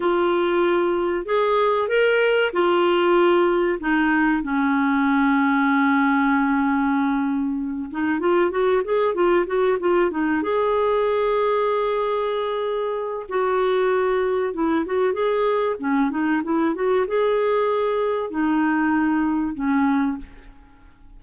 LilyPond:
\new Staff \with { instrumentName = "clarinet" } { \time 4/4 \tempo 4 = 95 f'2 gis'4 ais'4 | f'2 dis'4 cis'4~ | cis'1~ | cis'8 dis'8 f'8 fis'8 gis'8 f'8 fis'8 f'8 |
dis'8 gis'2.~ gis'8~ | gis'4 fis'2 e'8 fis'8 | gis'4 cis'8 dis'8 e'8 fis'8 gis'4~ | gis'4 dis'2 cis'4 | }